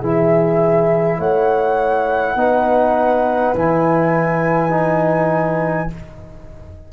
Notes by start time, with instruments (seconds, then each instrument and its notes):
0.00 tuba E3, trombone E4, horn G#4, flute E5
1.18 tuba A3, horn C#5, flute F#5
2.35 tuba B3, trombone D#4, horn B4
3.54 tuba E3, trombone E4, flute G#5
4.70 trombone D#4